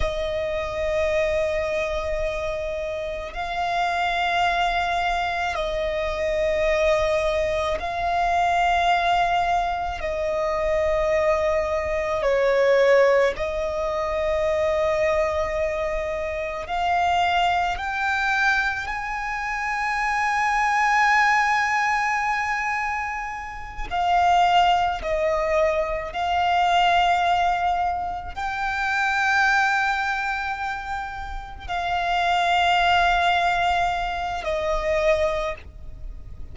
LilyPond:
\new Staff \with { instrumentName = "violin" } { \time 4/4 \tempo 4 = 54 dis''2. f''4~ | f''4 dis''2 f''4~ | f''4 dis''2 cis''4 | dis''2. f''4 |
g''4 gis''2.~ | gis''4. f''4 dis''4 f''8~ | f''4. g''2~ g''8~ | g''8 f''2~ f''8 dis''4 | }